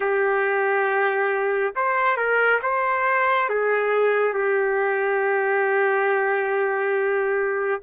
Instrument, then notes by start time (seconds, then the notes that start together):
trumpet
0.00 G4
1.75 C5
2.16 A#4
2.62 C5
3.49 G#4
4.33 G4